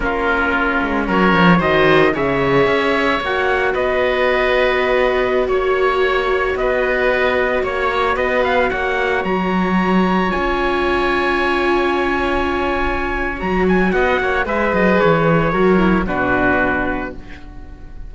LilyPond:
<<
  \new Staff \with { instrumentName = "trumpet" } { \time 4/4 \tempo 4 = 112 ais'2 cis''4 dis''4 | e''2 fis''4 dis''4~ | dis''2~ dis''16 cis''4.~ cis''16~ | cis''16 dis''2 cis''4 dis''8 f''16~ |
f''16 fis''4 ais''2 gis''8.~ | gis''1~ | gis''4 ais''8 gis''8 fis''4 e''8 dis''8 | cis''2 b'2 | }
  \new Staff \with { instrumentName = "oboe" } { \time 4/4 f'2 ais'4 c''4 | cis''2. b'4~ | b'2~ b'16 cis''4.~ cis''16~ | cis''16 b'2 cis''4 b'8.~ |
b'16 cis''2.~ cis''8.~ | cis''1~ | cis''2 dis''8 cis''8 b'4~ | b'4 ais'4 fis'2 | }
  \new Staff \with { instrumentName = "viola" } { \time 4/4 cis'2. fis'4 | gis'2 fis'2~ | fis'1~ | fis'1~ |
fis'2.~ fis'16 f'8.~ | f'1~ | f'4 fis'2 gis'4~ | gis'4 fis'8 e'8 d'2 | }
  \new Staff \with { instrumentName = "cello" } { \time 4/4 ais4. gis8 fis8 f8 dis4 | cis4 cis'4 ais4 b4~ | b2~ b16 ais4.~ ais16~ | ais16 b2 ais4 b8.~ |
b16 ais4 fis2 cis'8.~ | cis'1~ | cis'4 fis4 b8 ais8 gis8 fis8 | e4 fis4 b,2 | }
>>